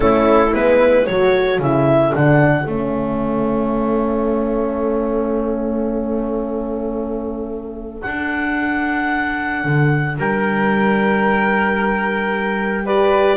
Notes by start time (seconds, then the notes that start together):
0.00 A3 C#4 E4 A4
0.53 G#3 B3 B4
1.06 F#3 F#4 A4 C#5
1.58 C#3 E4 E5
2.12 D3 D4 F#5
2.66 A3 C#4 E5
8.02 D4 F#5
9.64 D3
10.18 G3 A#4 G5
12.84 G4 B4 D5